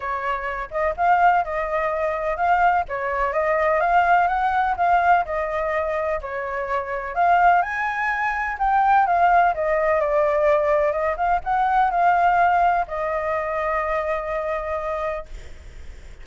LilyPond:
\new Staff \with { instrumentName = "flute" } { \time 4/4 \tempo 4 = 126 cis''4. dis''8 f''4 dis''4~ | dis''4 f''4 cis''4 dis''4 | f''4 fis''4 f''4 dis''4~ | dis''4 cis''2 f''4 |
gis''2 g''4 f''4 | dis''4 d''2 dis''8 f''8 | fis''4 f''2 dis''4~ | dis''1 | }